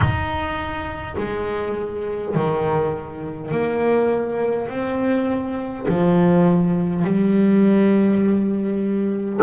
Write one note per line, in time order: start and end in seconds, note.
0.00 1.15 D#4
1.17 2.34 G#3
2.35 3.51 D#3
3.51 4.68 A#3
4.68 5.86 C4
5.88 7.04 F3
7.04 9.40 G3